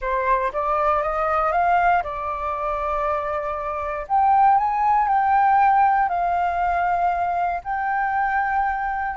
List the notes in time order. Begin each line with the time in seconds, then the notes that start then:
0.01 C5
0.52 D5
1.02 D#5
1.52 F5
2.03 D5
4.07 G5
4.57 G#5
5.08 G5
6.08 F5
7.63 G5